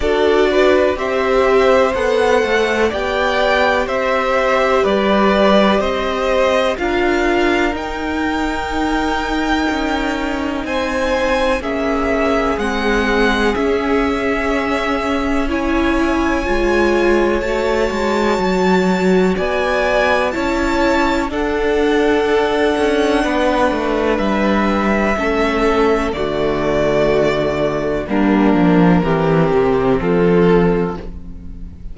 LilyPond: <<
  \new Staff \with { instrumentName = "violin" } { \time 4/4 \tempo 4 = 62 d''4 e''4 fis''4 g''4 | e''4 d''4 dis''4 f''4 | g''2. gis''4 | e''4 fis''4 e''2 |
gis''2 a''2 | gis''4 a''4 fis''2~ | fis''4 e''2 d''4~ | d''4 ais'2 a'4 | }
  \new Staff \with { instrumentName = "violin" } { \time 4/4 a'8 b'8 c''2 d''4 | c''4 b'4 c''4 ais'4~ | ais'2. c''4 | gis'1 |
cis''1 | d''4 cis''4 a'2 | b'2 a'4 fis'4~ | fis'4 d'4 g'4 f'4 | }
  \new Staff \with { instrumentName = "viola" } { \time 4/4 fis'4 g'4 a'4 g'4~ | g'2. f'4 | dis'1 | cis'4 c'4 cis'2 |
e'4 f'4 fis'2~ | fis'4 e'4 d'2~ | d'2 cis'4 a4~ | a4 ais4 c'2 | }
  \new Staff \with { instrumentName = "cello" } { \time 4/4 d'4 c'4 b8 a8 b4 | c'4 g4 c'4 d'4 | dis'2 cis'4 c'4 | ais4 gis4 cis'2~ |
cis'4 gis4 a8 gis8 fis4 | b4 cis'4 d'4. cis'8 | b8 a8 g4 a4 d4~ | d4 g8 f8 e8 c8 f4 | }
>>